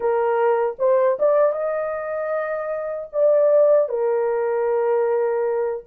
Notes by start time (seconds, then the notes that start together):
0.00 A#4
0.79 C5
1.19 D5
1.52 D#5
3.12 D5
3.89 A#4